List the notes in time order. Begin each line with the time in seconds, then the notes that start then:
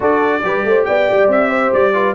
0.00 D4 F#4 A4 D5
0.43 G3 G4 B4
0.64 A3 C5
0.85 B3 D5 G5
1.10 G3
1.28 C4 E5
1.49 C5
1.73 G3 D5
1.93 F4 B4